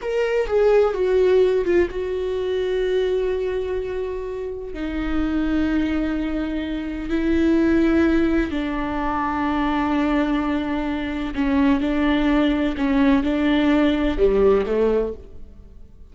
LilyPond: \new Staff \with { instrumentName = "viola" } { \time 4/4 \tempo 4 = 127 ais'4 gis'4 fis'4. f'8 | fis'1~ | fis'2 dis'2~ | dis'2. e'4~ |
e'2 d'2~ | d'1 | cis'4 d'2 cis'4 | d'2 g4 a4 | }